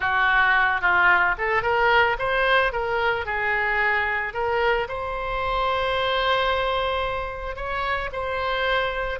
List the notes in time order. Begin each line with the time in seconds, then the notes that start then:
0.00 F#4
0.81 F4
1.38 A4
1.62 A#4
2.19 C5
2.72 A#4
3.25 G#4
4.33 A#4
4.88 C5
7.55 C#5
8.12 C5